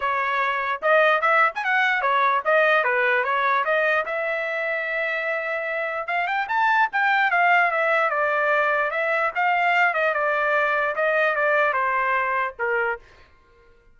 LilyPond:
\new Staff \with { instrumentName = "trumpet" } { \time 4/4 \tempo 4 = 148 cis''2 dis''4 e''8. gis''16 | fis''4 cis''4 dis''4 b'4 | cis''4 dis''4 e''2~ | e''2. f''8 g''8 |
a''4 g''4 f''4 e''4 | d''2 e''4 f''4~ | f''8 dis''8 d''2 dis''4 | d''4 c''2 ais'4 | }